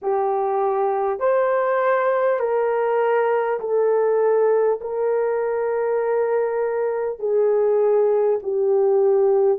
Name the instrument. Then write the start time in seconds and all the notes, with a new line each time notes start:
horn
0.02 G4
1.19 C5
2.39 A#4
3.60 A4
4.81 A#4
7.19 G#4
8.43 G4